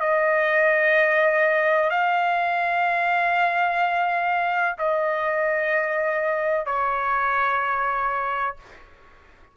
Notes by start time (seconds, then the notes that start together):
0.00 D#5
1.90 F5
4.78 D#5
6.65 C#5